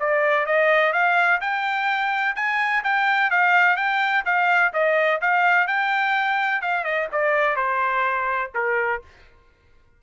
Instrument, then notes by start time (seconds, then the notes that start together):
trumpet
0.00 D5
0.46 D#5
0.93 F5
1.41 G5
2.36 G#5
2.84 G5
3.31 F5
3.77 G5
4.26 F5
4.73 D#5
5.22 F5
5.68 G5
6.62 F5
6.84 D#5
7.12 D5
7.56 C5
8.55 A#4